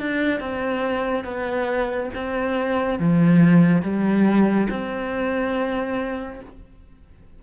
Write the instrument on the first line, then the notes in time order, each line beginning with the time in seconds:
cello
0.00 D4
0.41 C4
1.25 B3
2.15 C4
3.00 F3
3.83 G3
4.70 C4